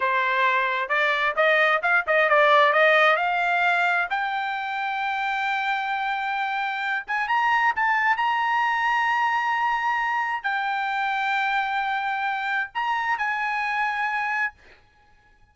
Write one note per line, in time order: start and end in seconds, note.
0.00 0.89 C5
0.89 1.34 D5
1.36 1.81 D#5
1.82 2.05 F5
2.06 2.29 D#5
2.29 2.73 D5
2.73 3.16 D#5
3.16 4.07 F5
4.10 7.05 G5
7.07 7.27 G#5
7.27 7.73 A#5
7.75 8.17 A5
8.17 10.43 A#5
10.43 12.70 G5
12.74 13.17 A#5
13.17 14.54 G#5